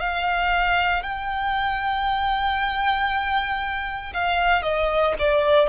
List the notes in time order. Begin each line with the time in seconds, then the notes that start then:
0.00 F5
1.03 G5
4.14 F5
4.63 D#5
5.19 D5